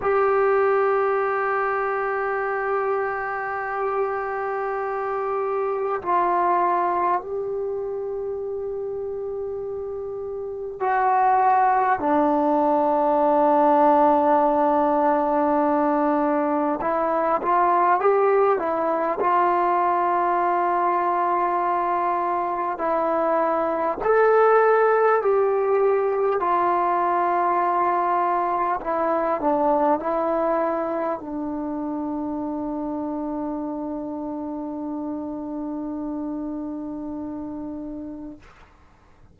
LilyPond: \new Staff \with { instrumentName = "trombone" } { \time 4/4 \tempo 4 = 50 g'1~ | g'4 f'4 g'2~ | g'4 fis'4 d'2~ | d'2 e'8 f'8 g'8 e'8 |
f'2. e'4 | a'4 g'4 f'2 | e'8 d'8 e'4 d'2~ | d'1 | }